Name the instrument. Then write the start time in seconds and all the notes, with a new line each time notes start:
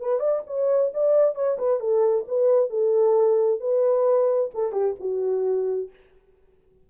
horn
0.00 B4
0.19 D5
0.46 C#5
0.94 D5
1.35 C#5
1.58 B4
1.80 A4
2.27 B4
2.70 A4
3.60 B4
4.54 A4
4.72 G4
4.99 F#4